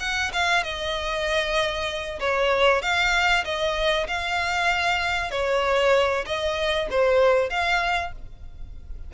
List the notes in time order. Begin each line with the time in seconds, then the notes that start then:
0.00 F#5
0.33 F5
0.63 D#5
2.20 C#5
2.82 F5
3.45 D#5
4.07 F5
5.31 C#5
6.26 D#5
6.90 C5
7.50 F5